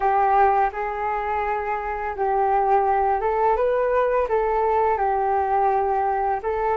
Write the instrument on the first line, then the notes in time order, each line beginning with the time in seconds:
flute
0.00 G4
0.72 G#4
2.16 G4
3.20 A4
3.56 B4
4.29 A4
4.97 G4
6.43 A4